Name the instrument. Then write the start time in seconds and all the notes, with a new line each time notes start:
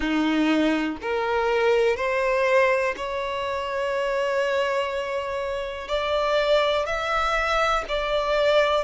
violin
0.00 D#4
1.01 A#4
1.96 C5
2.96 C#5
5.87 D5
6.85 E5
7.88 D5